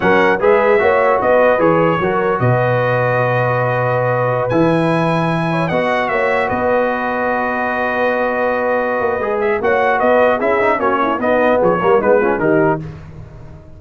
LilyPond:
<<
  \new Staff \with { instrumentName = "trumpet" } { \time 4/4 \tempo 4 = 150 fis''4 e''2 dis''4 | cis''2 dis''2~ | dis''2.~ dis''16 gis''8.~ | gis''2~ gis''16 fis''4 e''8.~ |
e''16 dis''2.~ dis''8.~ | dis''2.~ dis''8 e''8 | fis''4 dis''4 e''4 cis''4 | dis''4 cis''4 b'4 ais'4 | }
  \new Staff \with { instrumentName = "horn" } { \time 4/4 ais'4 b'4 cis''4 b'4~ | b'4 ais'4 b'2~ | b'1~ | b'4.~ b'16 cis''8 dis''4 cis''8.~ |
cis''16 b'2.~ b'8.~ | b'1 | cis''4 b'4 gis'4 fis'8 e'8 | dis'4 gis'8 ais'8 dis'8 f'8 g'4 | }
  \new Staff \with { instrumentName = "trombone" } { \time 4/4 cis'4 gis'4 fis'2 | gis'4 fis'2.~ | fis'2.~ fis'16 e'8.~ | e'2~ e'16 fis'4.~ fis'16~ |
fis'1~ | fis'2. gis'4 | fis'2 e'8 dis'8 cis'4 | b4. ais8 b8 cis'8 dis'4 | }
  \new Staff \with { instrumentName = "tuba" } { \time 4/4 fis4 gis4 ais4 b4 | e4 fis4 b,2~ | b,2.~ b,16 e8.~ | e2~ e16 b4 ais8.~ |
ais16 b2.~ b8.~ | b2~ b8 ais8 gis4 | ais4 b4 cis'4 ais4 | b4 f8 g8 gis4 dis4 | }
>>